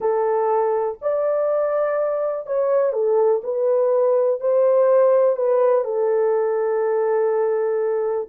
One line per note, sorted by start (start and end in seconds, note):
0.00 0.98 A4
1.01 2.46 D5
2.46 2.92 C#5
2.92 3.41 A4
3.43 4.40 B4
4.40 5.36 C5
5.36 5.84 B4
5.84 8.28 A4